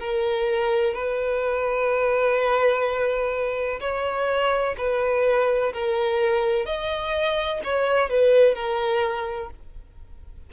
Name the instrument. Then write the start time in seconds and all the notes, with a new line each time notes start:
violin
0.00 A#4
0.94 B4
3.81 C#5
4.78 B4
5.74 A#4
6.66 D#5
7.65 C#5
8.10 B4
8.55 A#4